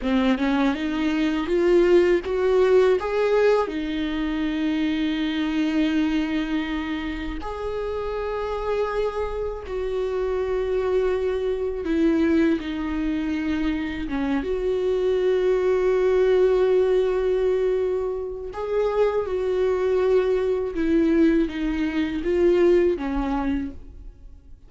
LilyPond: \new Staff \with { instrumentName = "viola" } { \time 4/4 \tempo 4 = 81 c'8 cis'8 dis'4 f'4 fis'4 | gis'4 dis'2.~ | dis'2 gis'2~ | gis'4 fis'2. |
e'4 dis'2 cis'8 fis'8~ | fis'1~ | fis'4 gis'4 fis'2 | e'4 dis'4 f'4 cis'4 | }